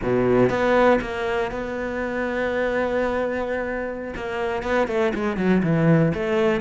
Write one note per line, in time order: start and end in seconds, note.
0.02 0.49 B2
0.49 0.99 B3
1.01 1.51 A#3
1.51 4.13 B3
4.15 4.62 A#3
4.62 4.88 B3
4.88 5.12 A3
5.14 5.36 G#3
5.36 5.61 F#3
5.62 6.12 E3
6.14 6.60 A3